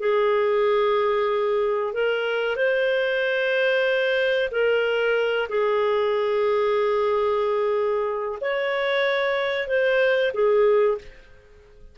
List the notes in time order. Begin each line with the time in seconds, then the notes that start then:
0.00 G#4
1.94 A#4
2.57 C5
4.52 A#4
5.49 G#4
8.41 C#5
9.68 C5
10.34 G#4